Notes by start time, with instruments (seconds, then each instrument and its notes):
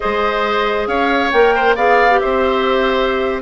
0.00 bassoon G#3, clarinet G#4, oboe C5, flute D#5
0.87 bassoon C#4, oboe C#5, flute F5
1.31 bassoon A#3, clarinet A#4, flute G5
1.55 oboe C5
1.75 bassoon B3, clarinet G#4, oboe D5, flute F5
2.10 clarinet G4
2.19 bassoon C4, oboe C5, flute E5